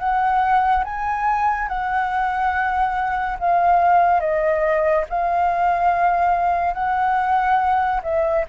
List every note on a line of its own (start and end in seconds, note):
0.00 0.85 F#5
0.85 1.69 G#5
1.69 3.38 F#5
3.40 4.21 F5
4.21 5.05 D#5
5.10 6.75 F5
6.75 8.01 F#5
8.03 8.45 E5